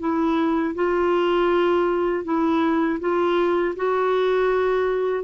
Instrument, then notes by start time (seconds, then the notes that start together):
clarinet
0.00 E4
0.75 F4
2.25 E4
3.00 F4
3.76 F#4